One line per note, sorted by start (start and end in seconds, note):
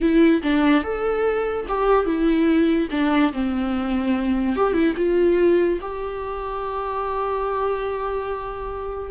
0.00 0.42 E4
0.42 0.83 D4
0.83 1.66 A4
1.68 2.05 G4
2.05 2.88 E4
2.91 3.32 D4
3.32 4.56 C4
4.56 4.73 G4
4.73 4.93 E4
4.96 5.79 F4
5.81 9.10 G4